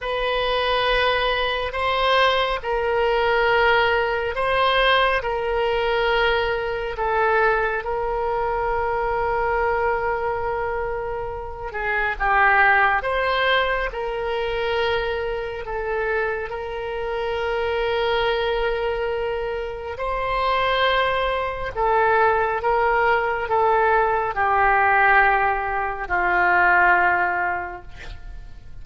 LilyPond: \new Staff \with { instrumentName = "oboe" } { \time 4/4 \tempo 4 = 69 b'2 c''4 ais'4~ | ais'4 c''4 ais'2 | a'4 ais'2.~ | ais'4. gis'8 g'4 c''4 |
ais'2 a'4 ais'4~ | ais'2. c''4~ | c''4 a'4 ais'4 a'4 | g'2 f'2 | }